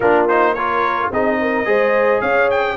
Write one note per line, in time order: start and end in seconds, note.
0.00 1.08 A#3
0.00 0.29 D4
0.00 0.52 F4
0.00 0.25 A#4
0.28 0.57 D#4
0.28 0.54 C5
0.52 1.12 F4
0.52 1.08 A#4
0.52 1.09 C#5
1.10 1.65 C4
1.10 1.65 D#4
1.10 1.39 G#4
1.10 2.21 D#5
1.41 1.67 A#4
1.65 2.21 G#3
1.65 2.76 G#4
1.65 2.21 C5
2.21 2.77 C#4
2.21 2.77 C#5
2.21 2.48 F5
2.50 2.77 G5